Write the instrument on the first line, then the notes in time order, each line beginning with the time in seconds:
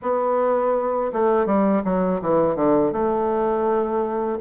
bassoon
0.02 B3
1.12 A3
1.45 G3
1.84 F#3
2.22 E3
2.55 D3
2.92 A3